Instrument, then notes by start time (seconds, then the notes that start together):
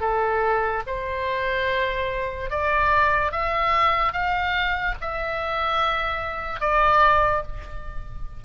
oboe
0.00 A4
0.87 C5
2.50 D5
3.32 E5
4.12 F5
5.01 E5
6.60 D5